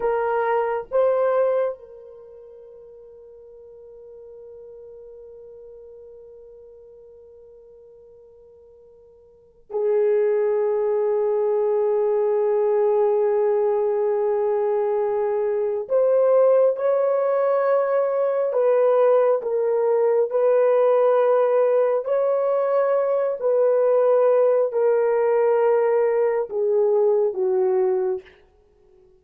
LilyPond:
\new Staff \with { instrumentName = "horn" } { \time 4/4 \tempo 4 = 68 ais'4 c''4 ais'2~ | ais'1~ | ais'2. gis'4~ | gis'1~ |
gis'2 c''4 cis''4~ | cis''4 b'4 ais'4 b'4~ | b'4 cis''4. b'4. | ais'2 gis'4 fis'4 | }